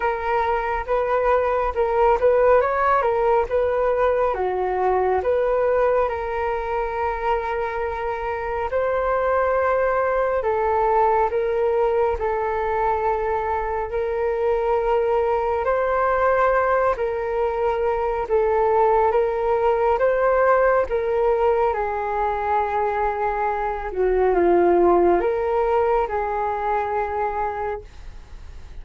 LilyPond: \new Staff \with { instrumentName = "flute" } { \time 4/4 \tempo 4 = 69 ais'4 b'4 ais'8 b'8 cis''8 ais'8 | b'4 fis'4 b'4 ais'4~ | ais'2 c''2 | a'4 ais'4 a'2 |
ais'2 c''4. ais'8~ | ais'4 a'4 ais'4 c''4 | ais'4 gis'2~ gis'8 fis'8 | f'4 ais'4 gis'2 | }